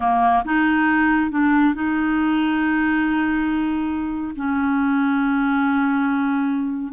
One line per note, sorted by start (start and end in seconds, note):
0.00 0.43 A#3
0.44 1.30 D#4
1.30 1.74 D4
1.74 4.35 D#4
4.35 6.93 C#4